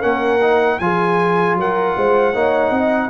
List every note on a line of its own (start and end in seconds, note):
0.00 0.80 A#3
0.00 0.39 C#4
0.00 0.77 A#4
0.00 0.79 F#5
0.41 0.80 D#4
0.79 1.55 F3
0.79 2.34 F4
0.79 1.59 G#4
0.79 1.56 G#5
1.55 1.93 F#3
1.55 1.97 A#4
1.55 3.10 F#5
1.97 2.34 G#3
1.97 2.33 C5
2.33 2.70 A#3
2.33 3.10 D#4
2.33 2.71 C#5
2.70 3.09 C4
2.70 3.10 D#5